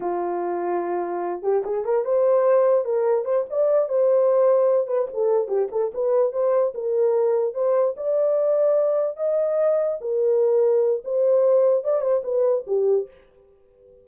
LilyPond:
\new Staff \with { instrumentName = "horn" } { \time 4/4 \tempo 4 = 147 f'2.~ f'8 g'8 | gis'8 ais'8 c''2 ais'4 | c''8 d''4 c''2~ c''8 | b'8 a'4 g'8 a'8 b'4 c''8~ |
c''8 ais'2 c''4 d''8~ | d''2~ d''8 dis''4.~ | dis''8 ais'2~ ais'8 c''4~ | c''4 d''8 c''8 b'4 g'4 | }